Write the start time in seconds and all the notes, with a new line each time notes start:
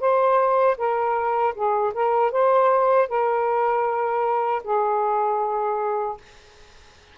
0.00 C5
0.78 A#4
1.55 G#4
1.94 A#4
2.31 C5
3.08 A#4
4.64 G#4